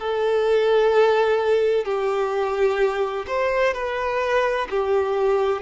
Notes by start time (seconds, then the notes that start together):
0.00 A4
1.85 G4
3.28 C5
3.74 B4
4.70 G4